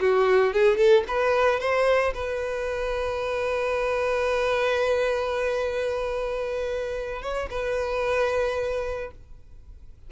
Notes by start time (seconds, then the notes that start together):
0.00 F#4
0.53 G#4
0.77 A4
1.08 B4
1.59 C5
2.14 B4
7.22 C#5
7.50 B4